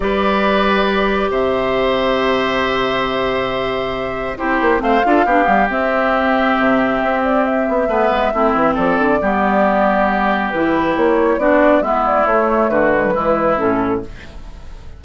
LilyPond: <<
  \new Staff \with { instrumentName = "flute" } { \time 4/4 \tempo 4 = 137 d''2. e''4~ | e''1~ | e''2 c''4 f''4~ | f''4 e''2.~ |
e''8 d''8 e''2. | d''1 | b'4 cis''4 d''4 e''8 d''8 | cis''4 b'2 a'4 | }
  \new Staff \with { instrumentName = "oboe" } { \time 4/4 b'2. c''4~ | c''1~ | c''2 g'4 c''8 a'8 | g'1~ |
g'2 b'4 e'4 | a'4 g'2.~ | g'2 fis'4 e'4~ | e'4 fis'4 e'2 | }
  \new Staff \with { instrumentName = "clarinet" } { \time 4/4 g'1~ | g'1~ | g'2 e'4 c'8 f'8 | d'8 b8 c'2.~ |
c'2 b4 c'4~ | c'4 b2. | e'2 d'4 b4 | a4. gis16 fis16 gis4 cis'4 | }
  \new Staff \with { instrumentName = "bassoon" } { \time 4/4 g2. c4~ | c1~ | c2 c'8 ais8 a8 d'8 | b8 g8 c'2 c4 |
c'4. b8 a8 gis8 a8 e8 | f8 d8 g2. | e4 ais4 b4 gis4 | a4 d4 e4 a,4 | }
>>